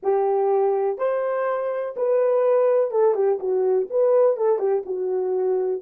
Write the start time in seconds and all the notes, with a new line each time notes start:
0.02 G4
0.97 C5
1.96 B4
2.90 A4
3.14 G4
3.39 F#4
3.90 B4
4.36 A4
4.58 G4
4.85 F#4